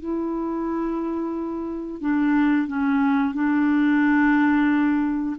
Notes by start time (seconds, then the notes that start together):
0.00 E4
2.01 D4
2.68 C#4
3.34 D4